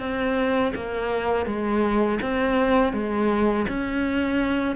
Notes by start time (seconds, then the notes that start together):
0.00 C4
0.76 A#3
1.46 G#3
2.22 C4
2.93 G#3
3.69 C#4